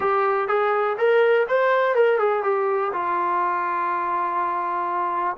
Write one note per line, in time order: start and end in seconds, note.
0.00 0.47 G4
0.47 0.96 G#4
0.98 1.46 A#4
1.48 1.95 C5
1.95 2.18 A#4
2.18 2.43 G#4
2.43 2.92 G4
2.92 5.36 F4